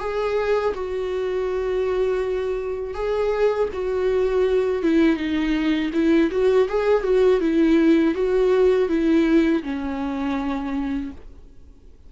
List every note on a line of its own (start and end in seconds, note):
0.00 0.74 G#4
0.74 2.95 F#4
2.95 3.69 G#4
3.73 4.83 F#4
4.83 5.17 E4
5.17 5.91 D#4
5.94 6.31 E4
6.31 6.68 F#4
6.69 7.04 G#4
7.04 7.41 F#4
7.41 8.15 E4
8.15 8.89 F#4
8.89 9.63 E4
9.63 11.11 C#4